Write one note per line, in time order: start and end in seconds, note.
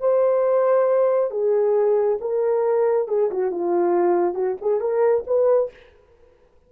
0.00 1.31 C5
1.31 2.18 G#4
2.21 3.08 A#4
3.08 3.30 G#4
3.31 3.51 F#4
3.51 4.34 F4
4.34 4.56 F#4
4.61 4.80 G#4
4.80 5.24 A#4
5.27 5.71 B4